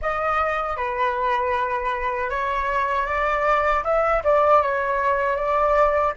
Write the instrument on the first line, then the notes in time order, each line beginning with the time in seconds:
flute
0.01 D#5
0.76 B4
2.29 C#5
3.06 D5
3.84 E5
4.24 D5
4.62 C#5
5.36 D5